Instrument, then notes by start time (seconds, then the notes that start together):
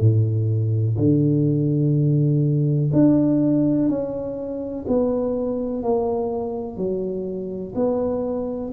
tuba
0.00 A2
0.97 D3
2.93 D4
3.88 C#4
4.87 B3
5.83 A#3
6.77 F#3
7.75 B3